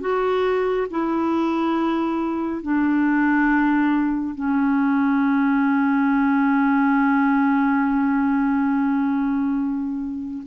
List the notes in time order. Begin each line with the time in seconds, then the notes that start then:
0.00 F#4
0.90 E4
2.62 D4
4.35 C#4